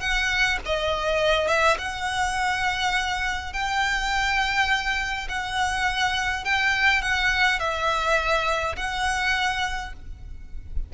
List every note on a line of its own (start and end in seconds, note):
0.00 0.58 F#5
0.65 1.48 D#5
1.48 1.77 E5
1.78 3.53 F#5
3.53 5.27 G5
5.29 6.44 F#5
6.44 7.01 G5
7.01 7.59 F#5
7.59 8.76 E5
8.76 9.93 F#5